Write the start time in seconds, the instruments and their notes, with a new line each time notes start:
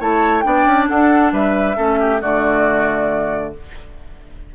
0.00 bassoon A3, clarinet E4, oboe C#5, flute A5
0.41 bassoon B3, clarinet D4, oboe D5, flute G5
0.66 bassoon C#4
0.89 bassoon D4, oboe A4, flute F#5
1.33 bassoon G3, oboe B4, flute E5
1.76 bassoon A3, clarinet C#4, oboe A4
2.00 oboe G4
2.21 bassoon D3, clarinet A3, oboe F#4, flute D5